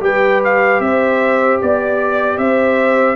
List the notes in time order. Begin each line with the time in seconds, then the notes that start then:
0.00 G3 G4 B4 G5
0.44 F5
0.80 C4 C5 E5
1.61 B3 D5
2.38 C4 C5 E5